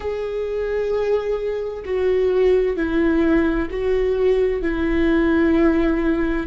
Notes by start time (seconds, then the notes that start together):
0.00 G#4
1.84 F#4
2.76 E4
3.70 F#4
4.62 E4